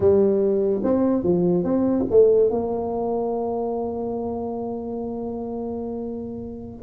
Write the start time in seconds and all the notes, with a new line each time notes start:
0.00 G3
0.83 C4
1.23 F3
1.64 C4
2.10 A3
2.49 A#3